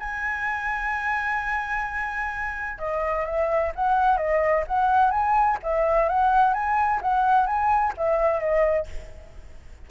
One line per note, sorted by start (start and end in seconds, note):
0.00 2.79 G#5
2.79 3.26 D#5
3.26 3.72 E5
3.76 4.18 F#5
4.18 4.65 D#5
4.68 5.11 F#5
5.11 5.58 G#5
5.63 6.09 E5
6.09 6.54 F#5
6.54 7.01 G#5
7.02 7.47 F#5
7.47 7.94 G#5
7.98 8.40 E5
8.40 8.87 D#5